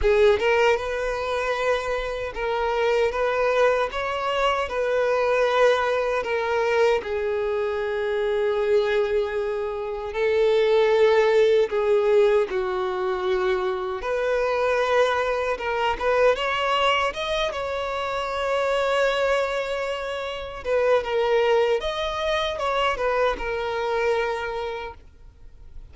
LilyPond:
\new Staff \with { instrumentName = "violin" } { \time 4/4 \tempo 4 = 77 gis'8 ais'8 b'2 ais'4 | b'4 cis''4 b'2 | ais'4 gis'2.~ | gis'4 a'2 gis'4 |
fis'2 b'2 | ais'8 b'8 cis''4 dis''8 cis''4.~ | cis''2~ cis''8 b'8 ais'4 | dis''4 cis''8 b'8 ais'2 | }